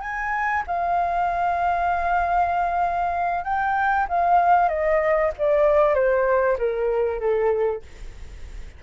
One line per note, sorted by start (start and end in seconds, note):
0.00 0.62 G#5
0.66 3.44 F5
3.44 4.06 G5
4.08 4.68 F5
4.68 5.30 D#5
5.38 5.94 D5
5.94 6.57 C5
6.58 7.19 A#4
7.19 7.82 A4